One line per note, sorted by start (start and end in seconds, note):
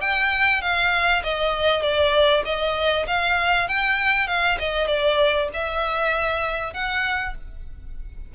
0.00 0.61 G5
0.61 1.22 F5
1.23 1.82 D#5
1.82 2.43 D5
2.45 3.06 D#5
3.07 3.68 F5
3.68 4.27 G5
4.27 4.58 F5
4.59 4.87 D#5
4.87 5.48 D5
5.53 6.73 E5
6.73 7.34 F#5